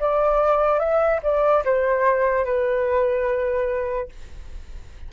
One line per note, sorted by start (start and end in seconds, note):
0.00 0.80 D5
0.80 1.21 E5
1.23 1.64 D5
1.65 2.45 C5
2.45 4.09 B4